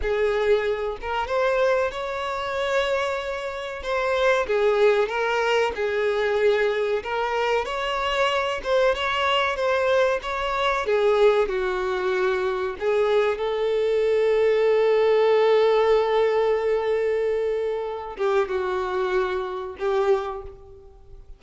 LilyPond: \new Staff \with { instrumentName = "violin" } { \time 4/4 \tempo 4 = 94 gis'4. ais'8 c''4 cis''4~ | cis''2 c''4 gis'4 | ais'4 gis'2 ais'4 | cis''4. c''8 cis''4 c''4 |
cis''4 gis'4 fis'2 | gis'4 a'2.~ | a'1~ | a'8 g'8 fis'2 g'4 | }